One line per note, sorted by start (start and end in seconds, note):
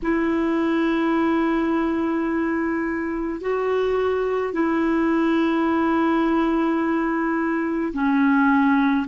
0.02 3.41 E4
3.41 4.53 F#4
4.53 7.92 E4
7.93 9.06 C#4